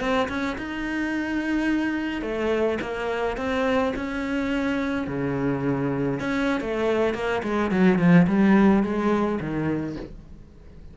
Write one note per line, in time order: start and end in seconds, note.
0.00 0.28 C4
0.29 0.57 C#4
0.58 2.22 D#4
2.22 2.78 A3
2.81 3.37 A#3
3.37 3.93 C4
3.96 5.07 C#4
5.07 6.19 C#3
6.19 6.60 C#4
6.60 7.14 A3
7.14 7.42 A#3
7.43 7.71 G#3
7.71 7.98 F#3
7.98 8.26 F3
8.27 8.83 G3
8.83 9.39 G#3
9.40 9.96 D#3